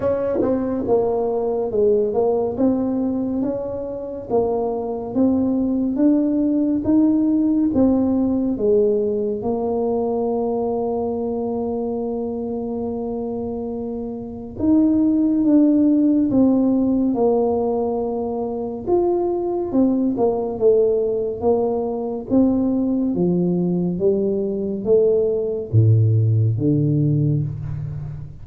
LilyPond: \new Staff \with { instrumentName = "tuba" } { \time 4/4 \tempo 4 = 70 cis'8 c'8 ais4 gis8 ais8 c'4 | cis'4 ais4 c'4 d'4 | dis'4 c'4 gis4 ais4~ | ais1~ |
ais4 dis'4 d'4 c'4 | ais2 f'4 c'8 ais8 | a4 ais4 c'4 f4 | g4 a4 a,4 d4 | }